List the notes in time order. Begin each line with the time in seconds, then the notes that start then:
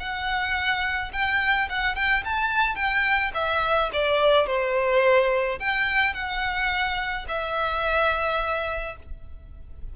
0.00 F#5
1.13 G5
1.70 F#5
1.96 G5
2.25 A5
2.76 G5
3.34 E5
3.93 D5
4.47 C5
5.60 G5
6.14 F#5
7.28 E5